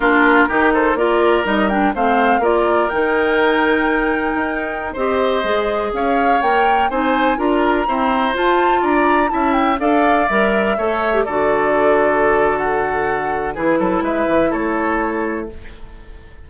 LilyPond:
<<
  \new Staff \with { instrumentName = "flute" } { \time 4/4 \tempo 4 = 124 ais'4. c''8 d''4 dis''8 g''8 | f''4 d''4 g''2~ | g''2~ g''16 dis''4.~ dis''16~ | dis''16 f''4 g''4 gis''4 ais''8.~ |
ais''4~ ais''16 a''4 ais''4 a''8 g''16~ | g''16 f''4 e''2 d''8.~ | d''2 fis''2 | b'4 e''4 cis''2 | }
  \new Staff \with { instrumentName = "oboe" } { \time 4/4 f'4 g'8 a'8 ais'2 | c''4 ais'2.~ | ais'2~ ais'16 c''4.~ c''16~ | c''16 cis''2 c''4 ais'8.~ |
ais'16 c''2 d''4 e''8.~ | e''16 d''2 cis''4 a'8.~ | a'1 | gis'8 a'8 b'4 a'2 | }
  \new Staff \with { instrumentName = "clarinet" } { \time 4/4 d'4 dis'4 f'4 dis'8 d'8 | c'4 f'4 dis'2~ | dis'2~ dis'16 g'4 gis'8.~ | gis'4~ gis'16 ais'4 dis'4 f'8.~ |
f'16 c'4 f'2 e'8.~ | e'16 a'4 ais'4 a'8. g'16 fis'8.~ | fis'1 | e'1 | }
  \new Staff \with { instrumentName = "bassoon" } { \time 4/4 ais4 dis4 ais4 g4 | a4 ais4 dis2~ | dis4 dis'4~ dis'16 c'4 gis8.~ | gis16 cis'4 ais4 c'4 d'8.~ |
d'16 e'4 f'4 d'4 cis'8.~ | cis'16 d'4 g4 a4 d8.~ | d1 | e8 fis8 gis8 e8 a2 | }
>>